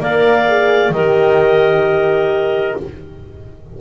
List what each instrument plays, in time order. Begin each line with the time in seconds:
0.00 double bass A#3, horn A#4, clarinet D5 F5
0.48 horn G#4
0.90 double bass D#3, horn G4, clarinet A#4 D#5